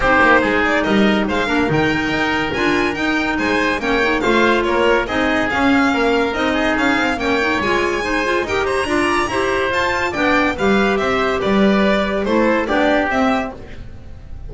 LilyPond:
<<
  \new Staff \with { instrumentName = "violin" } { \time 4/4 \tempo 4 = 142 c''4. d''8 dis''4 f''4 | g''2 gis''4 g''4 | gis''4 g''4 f''4 cis''4 | dis''4 f''2 dis''4 |
f''4 g''4 gis''2 | g''8 ais''2~ ais''8 a''4 | g''4 f''4 e''4 d''4~ | d''4 c''4 d''4 e''4 | }
  \new Staff \with { instrumentName = "oboe" } { \time 4/4 g'4 gis'4 ais'4 c''8 ais'8~ | ais'1 | c''4 cis''4 c''4 ais'4 | gis'2 ais'4. gis'8~ |
gis'4 cis''2 c''4 | ais'8 c''8 d''4 c''2 | d''4 b'4 c''4 b'4~ | b'4 a'4 g'2 | }
  \new Staff \with { instrumentName = "clarinet" } { \time 4/4 dis'2.~ dis'8 d'8 | dis'2 f'4 dis'4~ | dis'4 cis'8 dis'8 f'2 | dis'4 cis'2 dis'4~ |
dis'4 cis'8 dis'8 f'4 dis'8 f'8 | g'4 f'4 g'4 f'4 | d'4 g'2.~ | g'4 e'4 d'4 c'4 | }
  \new Staff \with { instrumentName = "double bass" } { \time 4/4 c'8 ais8 gis4 g4 gis8 ais8 | dis4 dis'4 d'4 dis'4 | gis4 ais4 a4 ais4 | c'4 cis'4 ais4 c'4 |
cis'8 c'8 ais4 gis2 | dis'4 d'4 e'4 f'4 | b4 g4 c'4 g4~ | g4 a4 b4 c'4 | }
>>